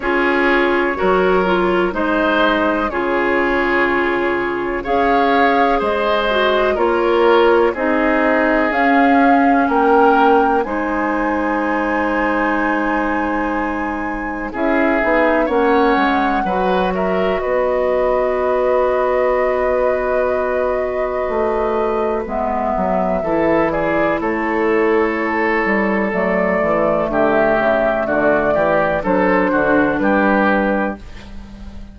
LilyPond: <<
  \new Staff \with { instrumentName = "flute" } { \time 4/4 \tempo 4 = 62 cis''2 dis''4 cis''4~ | cis''4 f''4 dis''4 cis''4 | dis''4 f''4 g''4 gis''4~ | gis''2. e''4 |
fis''4. e''8 dis''2~ | dis''2. e''4~ | e''8 d''8 cis''2 d''4 | e''4 d''4 c''4 b'4 | }
  \new Staff \with { instrumentName = "oboe" } { \time 4/4 gis'4 ais'4 c''4 gis'4~ | gis'4 cis''4 c''4 ais'4 | gis'2 ais'4 c''4~ | c''2. gis'4 |
cis''4 b'8 ais'8 b'2~ | b'1 | a'8 gis'8 a'2. | g'4 fis'8 g'8 a'8 fis'8 g'4 | }
  \new Staff \with { instrumentName = "clarinet" } { \time 4/4 f'4 fis'8 f'8 dis'4 f'4~ | f'4 gis'4. fis'8 f'4 | dis'4 cis'2 dis'4~ | dis'2. e'8 dis'8 |
cis'4 fis'2.~ | fis'2. b4 | e'2. a4~ | a2 d'2 | }
  \new Staff \with { instrumentName = "bassoon" } { \time 4/4 cis'4 fis4 gis4 cis4~ | cis4 cis'4 gis4 ais4 | c'4 cis'4 ais4 gis4~ | gis2. cis'8 b8 |
ais8 gis8 fis4 b2~ | b2 a4 gis8 fis8 | e4 a4. g8 fis8 e8 | d8 cis8 d8 e8 fis8 d8 g4 | }
>>